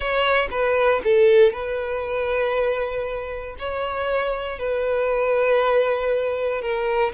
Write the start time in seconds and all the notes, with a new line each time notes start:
0.00 C#5
0.50 B4
1.04 A4
1.52 B4
3.58 C#5
4.58 B4
6.61 A#4